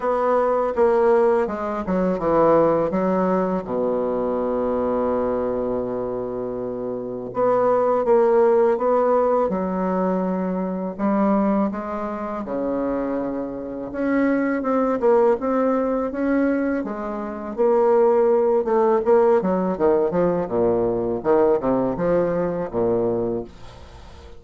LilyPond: \new Staff \with { instrumentName = "bassoon" } { \time 4/4 \tempo 4 = 82 b4 ais4 gis8 fis8 e4 | fis4 b,2.~ | b,2 b4 ais4 | b4 fis2 g4 |
gis4 cis2 cis'4 | c'8 ais8 c'4 cis'4 gis4 | ais4. a8 ais8 fis8 dis8 f8 | ais,4 dis8 c8 f4 ais,4 | }